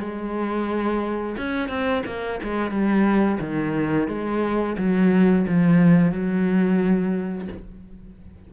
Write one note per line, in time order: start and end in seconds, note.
0.00 1.36 G#3
1.37 1.69 C#4
1.69 2.03 C4
2.06 2.40 A#3
2.43 2.71 G#3
2.71 3.39 G3
3.40 4.08 D#3
4.08 4.76 G#3
4.78 5.46 F#3
5.48 6.11 F3
6.11 7.48 F#3